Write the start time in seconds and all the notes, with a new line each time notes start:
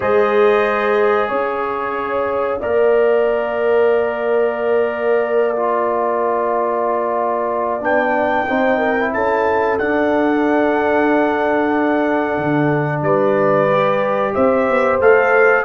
0.00 G#3 G#4 C5 D#5
1.28 C#4 C#5 F5
2.60 A#3 A#4 D5
5.55 F4
7.80 B3 D4 G5
8.47 C4 D#4 C5
8.78 A#4
8.97 E4
9.13 C#4 A4 A5
9.78 D4 F#5
12.37 D3
13.01 G3 B4 D5
13.71 G4
14.34 C4 C5 E5
14.69 B3
14.99 A3 A4 F5